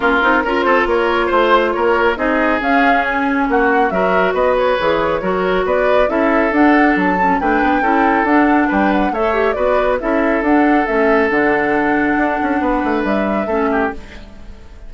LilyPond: <<
  \new Staff \with { instrumentName = "flute" } { \time 4/4 \tempo 4 = 138 ais'4. c''8 cis''4 c''4 | cis''4 dis''4 f''4 gis''4 | fis''4 e''4 dis''8 cis''4.~ | cis''4 d''4 e''4 fis''4 |
a''4 g''2 fis''4 | g''8 fis''8 e''4 d''4 e''4 | fis''4 e''4 fis''2~ | fis''2 e''2 | }
  \new Staff \with { instrumentName = "oboe" } { \time 4/4 f'4 ais'8 a'8 ais'4 c''4 | ais'4 gis'2. | fis'4 ais'4 b'2 | ais'4 b'4 a'2~ |
a'4 b'4 a'2 | b'4 cis''4 b'4 a'4~ | a'1~ | a'4 b'2 a'8 g'8 | }
  \new Staff \with { instrumentName = "clarinet" } { \time 4/4 cis'8 dis'8 f'2.~ | f'4 dis'4 cis'2~ | cis'4 fis'2 gis'4 | fis'2 e'4 d'4~ |
d'8 cis'8 d'4 e'4 d'4~ | d'4 a'8 g'8 fis'4 e'4 | d'4 cis'4 d'2~ | d'2. cis'4 | }
  \new Staff \with { instrumentName = "bassoon" } { \time 4/4 ais8 c'8 cis'8 c'8 ais4 a4 | ais4 c'4 cis'2 | ais4 fis4 b4 e4 | fis4 b4 cis'4 d'4 |
fis4 a8 b8 cis'4 d'4 | g4 a4 b4 cis'4 | d'4 a4 d2 | d'8 cis'8 b8 a8 g4 a4 | }
>>